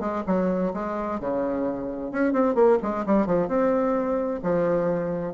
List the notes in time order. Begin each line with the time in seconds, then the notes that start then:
0.00 G#3
0.27 F#3
0.74 G#3
1.20 C#3
2.11 C#4
2.33 C4
2.55 A#3
2.82 G#3
3.06 G3
3.26 F3
3.48 C4
4.43 F3